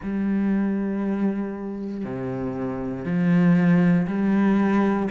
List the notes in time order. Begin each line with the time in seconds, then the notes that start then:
0.02 G3
2.04 C3
3.05 F3
4.07 G3